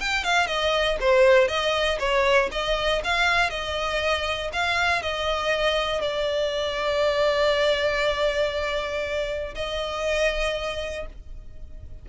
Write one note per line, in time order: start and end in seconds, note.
0.00 0.24 G5
0.24 0.47 F5
0.47 0.97 D#5
1.00 1.48 C5
1.48 1.98 D#5
1.99 2.50 C#5
2.51 3.02 D#5
3.04 3.50 F5
3.50 4.51 D#5
4.53 5.02 F5
5.02 6.01 D#5
6.01 9.54 D5
9.55 11.06 D#5